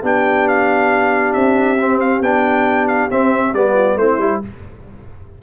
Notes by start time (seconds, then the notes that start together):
0.00 B3 D4 G4 G5
0.48 F5
1.32 C4 E5
1.78 C4
2.00 F5
2.20 B3 D4 G5
2.87 F5
3.10 C4 E5
3.53 G3 B3 D5
3.73 F4
3.96 A3 C4 E4 C5
4.18 G3 E4